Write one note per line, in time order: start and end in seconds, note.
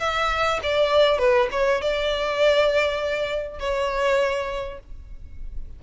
0.00 0.60 E5
0.63 1.19 D5
1.19 1.49 B4
1.52 1.82 C#5
1.82 3.60 D5
3.60 4.80 C#5